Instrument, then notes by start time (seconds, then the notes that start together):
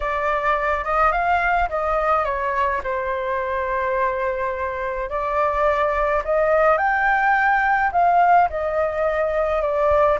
flute
0.00 D5
0.84 D#5
1.12 F5
1.69 D#5
2.24 C#5
2.83 C5
5.09 D5
6.24 D#5
6.77 G5
7.92 F5
8.49 D#5
9.61 D5